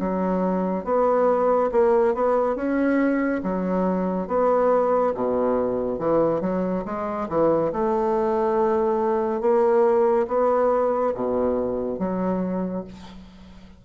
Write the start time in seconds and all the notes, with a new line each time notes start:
0.00 F#3
0.85 B3
1.72 A#3
2.15 B3
2.56 C#4
3.44 F#3
4.28 B3
5.15 B2
5.99 E3
6.41 F#3
6.86 G#3
7.29 E3
7.73 A3
9.41 A#3
10.28 B3
11.15 B2
11.99 F#3